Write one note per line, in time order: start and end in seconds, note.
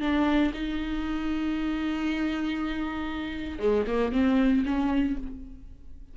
0.00 0.51 D4
0.53 3.59 D#4
3.59 3.84 G#3
3.86 4.12 A#3
4.12 4.63 C4
4.65 5.16 C#4